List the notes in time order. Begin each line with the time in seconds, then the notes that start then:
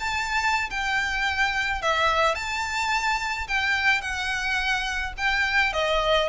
0.00 A5
0.70 G5
1.82 E5
2.35 A5
3.48 G5
4.01 F#5
5.18 G5
5.73 D#5